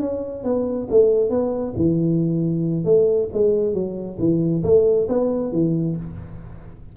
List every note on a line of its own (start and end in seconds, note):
0.00 0.44 C#4
0.44 0.88 B3
0.90 1.30 A3
1.30 1.74 B3
1.76 2.84 E3
2.84 3.28 A3
3.33 3.74 G#3
3.74 4.18 F#3
4.19 4.63 E3
4.63 5.08 A3
5.08 5.52 B3
5.52 5.96 E3